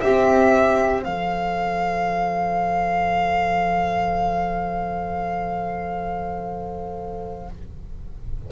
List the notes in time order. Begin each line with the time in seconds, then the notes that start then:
0.00 C4 G4 C5 E5
1.02 F3 A4 F5